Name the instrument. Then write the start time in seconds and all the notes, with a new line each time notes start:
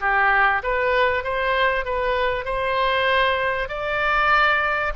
oboe
0.00 G4
0.63 B4
1.23 C5
1.85 B4
2.45 C5
3.68 D5